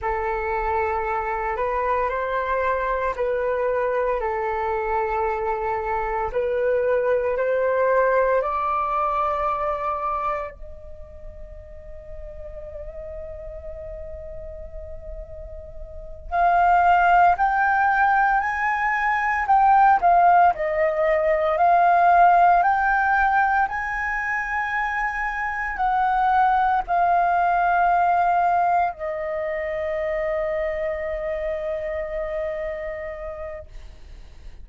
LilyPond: \new Staff \with { instrumentName = "flute" } { \time 4/4 \tempo 4 = 57 a'4. b'8 c''4 b'4 | a'2 b'4 c''4 | d''2 dis''2~ | dis''2.~ dis''8 f''8~ |
f''8 g''4 gis''4 g''8 f''8 dis''8~ | dis''8 f''4 g''4 gis''4.~ | gis''8 fis''4 f''2 dis''8~ | dis''1 | }